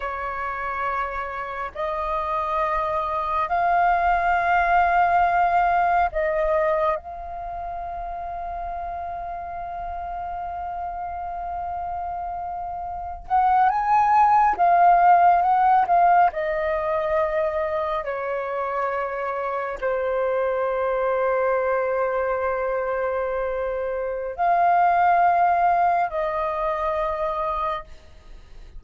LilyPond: \new Staff \with { instrumentName = "flute" } { \time 4/4 \tempo 4 = 69 cis''2 dis''2 | f''2. dis''4 | f''1~ | f''2.~ f''16 fis''8 gis''16~ |
gis''8. f''4 fis''8 f''8 dis''4~ dis''16~ | dis''8. cis''2 c''4~ c''16~ | c''1 | f''2 dis''2 | }